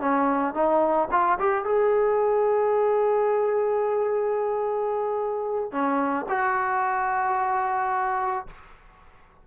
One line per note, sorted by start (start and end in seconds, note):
0.00 0.54 C#4
0.54 1.08 D#4
1.11 1.38 F4
1.39 1.64 G4
1.64 5.71 G#4
5.71 6.26 C#4
6.29 8.47 F#4